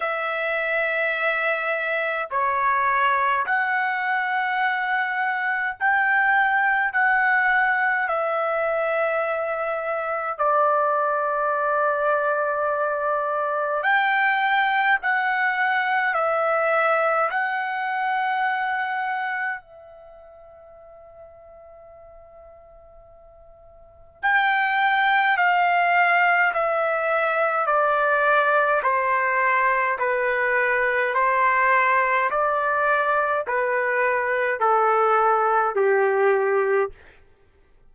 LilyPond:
\new Staff \with { instrumentName = "trumpet" } { \time 4/4 \tempo 4 = 52 e''2 cis''4 fis''4~ | fis''4 g''4 fis''4 e''4~ | e''4 d''2. | g''4 fis''4 e''4 fis''4~ |
fis''4 e''2.~ | e''4 g''4 f''4 e''4 | d''4 c''4 b'4 c''4 | d''4 b'4 a'4 g'4 | }